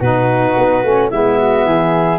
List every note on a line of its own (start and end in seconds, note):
0.00 0.55 B2
0.00 0.84 D#4
0.00 1.09 F#4
0.00 1.10 B4
0.57 0.84 B3
0.84 1.11 A3
0.84 1.11 C#4
1.10 1.65 G#3
1.10 2.20 B3
1.10 1.37 E4
1.10 2.20 E5
1.38 1.65 F#4
1.65 2.20 E3
1.65 2.20 G#4